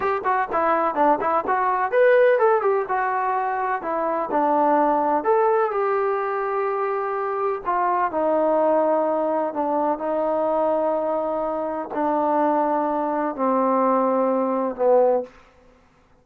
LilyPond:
\new Staff \with { instrumentName = "trombone" } { \time 4/4 \tempo 4 = 126 g'8 fis'8 e'4 d'8 e'8 fis'4 | b'4 a'8 g'8 fis'2 | e'4 d'2 a'4 | g'1 |
f'4 dis'2. | d'4 dis'2.~ | dis'4 d'2. | c'2. b4 | }